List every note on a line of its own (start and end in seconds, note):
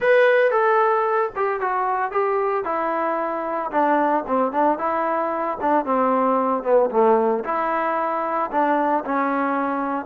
0.00 0.51 B4
0.51 1.30 A4
1.35 1.60 G4
1.60 2.11 F#4
2.11 2.64 G4
2.64 3.70 E4
3.71 4.24 D4
4.27 4.52 C4
4.52 4.78 D4
4.78 5.58 E4
5.60 5.85 D4
5.85 6.63 C4
6.63 6.90 B3
6.90 7.43 A3
7.44 8.50 E4
8.51 9.04 D4
9.04 10.05 C#4